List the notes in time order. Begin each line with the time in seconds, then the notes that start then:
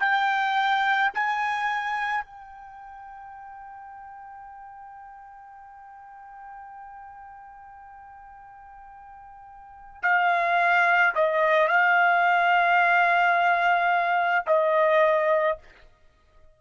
0.00 G5
1.14 G#5
2.25 G5
10.03 F5
11.15 D#5
11.68 F5
14.47 D#5